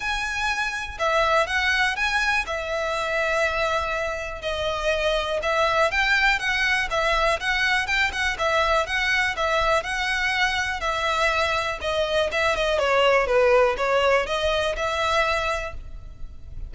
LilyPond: \new Staff \with { instrumentName = "violin" } { \time 4/4 \tempo 4 = 122 gis''2 e''4 fis''4 | gis''4 e''2.~ | e''4 dis''2 e''4 | g''4 fis''4 e''4 fis''4 |
g''8 fis''8 e''4 fis''4 e''4 | fis''2 e''2 | dis''4 e''8 dis''8 cis''4 b'4 | cis''4 dis''4 e''2 | }